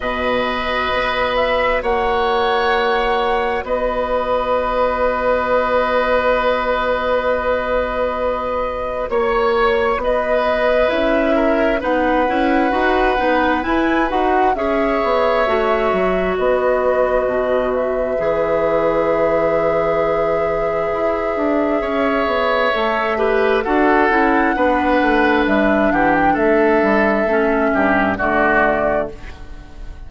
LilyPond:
<<
  \new Staff \with { instrumentName = "flute" } { \time 4/4 \tempo 4 = 66 dis''4. e''8 fis''2 | dis''1~ | dis''2 cis''4 dis''4 | e''4 fis''2 gis''8 fis''8 |
e''2 dis''4. e''8~ | e''1~ | e''2 fis''2 | e''8 fis''16 g''16 e''2 d''4 | }
  \new Staff \with { instrumentName = "oboe" } { \time 4/4 b'2 cis''2 | b'1~ | b'2 cis''4 b'4~ | b'8 ais'8 b'2. |
cis''2 b'2~ | b'1 | cis''4. b'8 a'4 b'4~ | b'8 g'8 a'4. g'8 fis'4 | }
  \new Staff \with { instrumentName = "clarinet" } { \time 4/4 fis'1~ | fis'1~ | fis'1 | e'4 dis'8 e'8 fis'8 dis'8 e'8 fis'8 |
gis'4 fis'2. | gis'1~ | gis'4 a'8 g'8 fis'8 e'8 d'4~ | d'2 cis'4 a4 | }
  \new Staff \with { instrumentName = "bassoon" } { \time 4/4 b,4 b4 ais2 | b1~ | b2 ais4 b4 | cis'4 b8 cis'8 dis'8 b8 e'8 dis'8 |
cis'8 b8 a8 fis8 b4 b,4 | e2. e'8 d'8 | cis'8 b8 a4 d'8 cis'8 b8 a8 | g8 e8 a8 g8 a8 g,8 d4 | }
>>